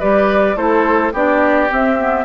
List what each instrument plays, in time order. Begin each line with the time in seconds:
0.00 bassoon G3, clarinet G4, oboe B4, flute D5
0.56 bassoon A3, clarinet E4, oboe A4, flute C5
1.13 bassoon B3, clarinet D4, oboe G4, flute D5
1.70 clarinet C4, bassoon C4, flute E5
1.99 clarinet B3